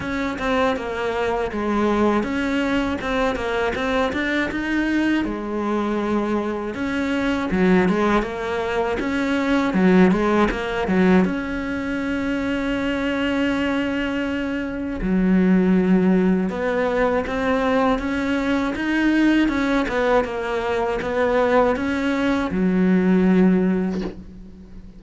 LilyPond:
\new Staff \with { instrumentName = "cello" } { \time 4/4 \tempo 4 = 80 cis'8 c'8 ais4 gis4 cis'4 | c'8 ais8 c'8 d'8 dis'4 gis4~ | gis4 cis'4 fis8 gis8 ais4 | cis'4 fis8 gis8 ais8 fis8 cis'4~ |
cis'1 | fis2 b4 c'4 | cis'4 dis'4 cis'8 b8 ais4 | b4 cis'4 fis2 | }